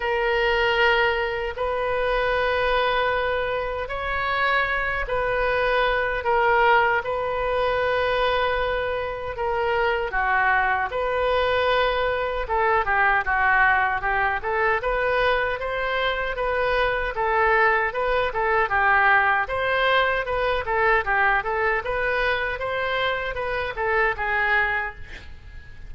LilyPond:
\new Staff \with { instrumentName = "oboe" } { \time 4/4 \tempo 4 = 77 ais'2 b'2~ | b'4 cis''4. b'4. | ais'4 b'2. | ais'4 fis'4 b'2 |
a'8 g'8 fis'4 g'8 a'8 b'4 | c''4 b'4 a'4 b'8 a'8 | g'4 c''4 b'8 a'8 g'8 a'8 | b'4 c''4 b'8 a'8 gis'4 | }